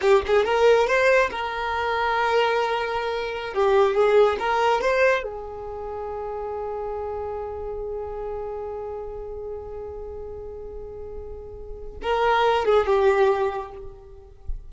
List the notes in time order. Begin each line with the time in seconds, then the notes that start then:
0.01 G4
0.26 G#4
0.44 A#4
0.87 C5
1.30 A#4
3.54 G4
3.94 G#4
4.39 A#4
4.81 C5
5.23 G#4
12.02 A#4
12.65 G#4
12.86 G4